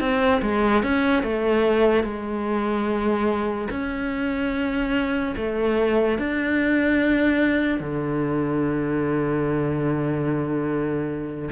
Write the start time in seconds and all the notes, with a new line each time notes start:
0.00 C4
0.41 G#3
0.83 C#4
1.23 A3
2.04 G#3
3.70 C#4
5.36 A3
6.18 D4
7.80 D3